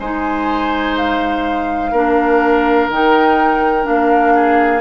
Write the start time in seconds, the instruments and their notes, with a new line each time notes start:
0.00 bassoon G#3, clarinet D#4, oboe C5, flute G#5
0.97 flute F5
1.92 bassoon A#3, clarinet D4, oboe A#4
2.89 bassoon D#3, clarinet D#4, flute G5
3.84 bassoon A#3, clarinet D4, flute F5
4.35 oboe G#4